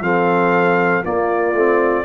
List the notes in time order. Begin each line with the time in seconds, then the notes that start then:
0.00 F3 C4 A4 F5
1.03 A#3 F4 D5
1.54 A3 C4